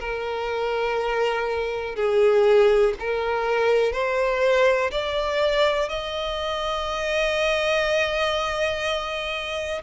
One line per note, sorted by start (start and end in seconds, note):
0.00 1.96 A#4
1.96 2.94 G#4
3.00 3.93 A#4
3.93 4.91 C5
4.91 5.89 D5
5.89 9.82 D#5